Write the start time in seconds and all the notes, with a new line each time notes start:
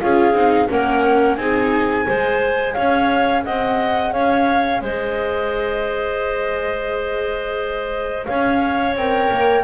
0.00 C#4 F4 G#4 F5
0.33 C4 D#4
0.68 A#3 C#4 A#4 F#5
1.35 C4 D#4 G#4 G#5
2.06 G#3 G#4 C5
2.73 C#4 C#5 F5
3.44 C4 D#5 F#5
4.12 C#4 C#5 F5
4.81 G#3 C5 D#5
8.25 C#4 C#5 F5
8.95 C4 A#4 G5
9.31 A#3